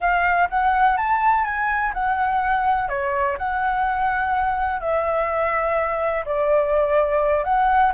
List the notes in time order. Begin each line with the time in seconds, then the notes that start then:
0.00 F5
0.49 F#5
0.97 A5
1.44 G#5
1.93 F#5
2.88 C#5
3.38 F#5
4.80 E5
6.25 D5
7.44 F#5